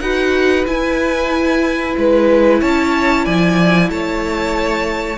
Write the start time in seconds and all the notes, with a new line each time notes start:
0.00 D#4 F#4 B4 F#5
0.66 E4 G#5
1.97 G#3 B4
2.60 C#4 C#5 A5
3.24 F3 D5 G#5
3.90 A3 C#5 A5